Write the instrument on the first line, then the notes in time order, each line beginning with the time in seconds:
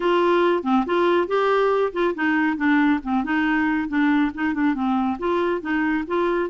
clarinet
0.00 F4
0.63 C4
0.86 F4
1.27 G4
1.92 F4
2.14 D#4
2.56 D4
3.03 C4
3.24 D#4
3.88 D4
4.34 D#4
4.54 D4
4.74 C4
5.18 F4
5.61 D#4
6.07 F4